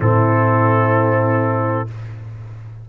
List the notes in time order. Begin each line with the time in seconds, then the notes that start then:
0.00 A2 C4 E4 A4